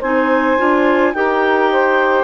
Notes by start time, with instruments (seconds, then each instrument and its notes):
0.00 bassoon C4, clarinet D#4 G#5, saxophone C5
0.58 bassoon D4, clarinet F4
1.14 bassoon D#4, clarinet G4 G5, saxophone A#4
1.71 saxophone C5